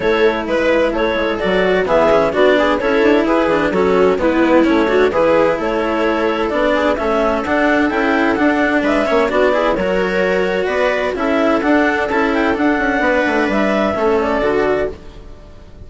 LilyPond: <<
  \new Staff \with { instrumentName = "clarinet" } { \time 4/4 \tempo 4 = 129 cis''4 b'4 cis''4 d''4 | e''4 d''4 cis''4 b'4 | a'4 b'4 cis''4 b'4 | cis''2 d''4 e''4 |
fis''4 g''4 fis''4 e''4 | d''4 cis''2 d''4 | e''4 fis''4 a''8 g''8 fis''4~ | fis''4 e''4. d''4. | }
  \new Staff \with { instrumentName = "viola" } { \time 4/4 a'4 b'4 a'2 | gis'4 fis'8 gis'8 a'4 gis'4 | fis'4 e'4. fis'8 gis'4 | a'2~ a'8 gis'8 a'4~ |
a'2. b'8 cis''8 | fis'8 gis'8 ais'2 b'4 | a'1 | b'2 a'2 | }
  \new Staff \with { instrumentName = "cello" } { \time 4/4 e'2. fis'4 | b8 cis'8 d'4 e'4. d'8 | cis'4 b4 cis'8 d'8 e'4~ | e'2 d'4 cis'4 |
d'4 e'4 d'4. cis'8 | d'8 e'8 fis'2. | e'4 d'4 e'4 d'4~ | d'2 cis'4 fis'4 | }
  \new Staff \with { instrumentName = "bassoon" } { \time 4/4 a4 gis4 a8 gis8 fis4 | e4 b4 cis'8 d'8 e'8 e8 | fis4 gis4 a4 e4 | a2 b4 a4 |
d'4 cis'4 d'4 gis8 ais8 | b4 fis2 b4 | cis'4 d'4 cis'4 d'8 cis'8 | b8 a8 g4 a4 d4 | }
>>